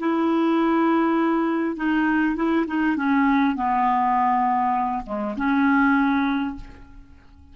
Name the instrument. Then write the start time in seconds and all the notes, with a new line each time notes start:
clarinet
0.00 E4
1.77 D#4
2.36 E4
2.67 D#4
2.97 C#4
3.56 B3
5.06 G#3
5.37 C#4